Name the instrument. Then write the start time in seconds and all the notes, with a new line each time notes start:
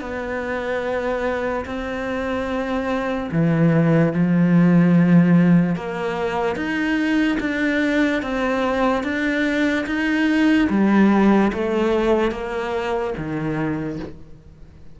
cello
0.00 B3
1.65 C4
3.32 E3
4.13 F3
5.75 A#3
6.55 D#4
7.40 D4
8.22 C4
9.03 D4
9.86 D#4
10.69 G3
11.53 A3
12.31 A#3
13.17 D#3